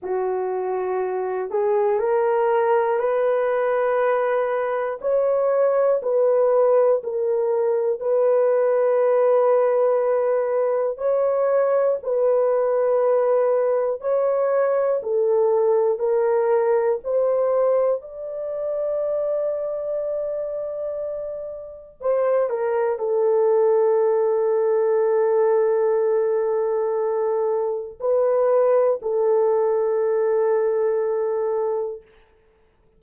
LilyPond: \new Staff \with { instrumentName = "horn" } { \time 4/4 \tempo 4 = 60 fis'4. gis'8 ais'4 b'4~ | b'4 cis''4 b'4 ais'4 | b'2. cis''4 | b'2 cis''4 a'4 |
ais'4 c''4 d''2~ | d''2 c''8 ais'8 a'4~ | a'1 | b'4 a'2. | }